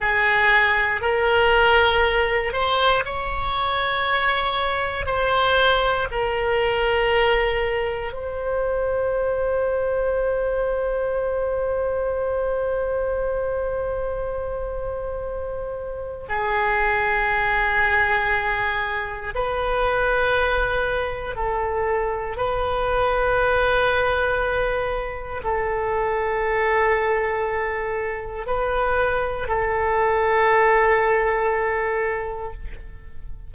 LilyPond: \new Staff \with { instrumentName = "oboe" } { \time 4/4 \tempo 4 = 59 gis'4 ais'4. c''8 cis''4~ | cis''4 c''4 ais'2 | c''1~ | c''1 |
gis'2. b'4~ | b'4 a'4 b'2~ | b'4 a'2. | b'4 a'2. | }